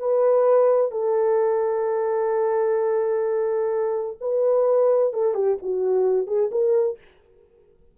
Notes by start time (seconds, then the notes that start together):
0.00 B4
0.92 A4
4.21 B4
5.14 A4
5.35 G4
5.63 F#4
6.28 G#4
6.52 A#4